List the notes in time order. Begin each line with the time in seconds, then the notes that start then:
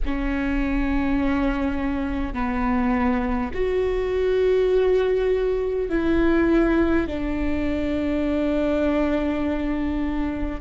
0.05 C#4
2.33 B3
3.53 F#4
5.89 E4
7.07 D4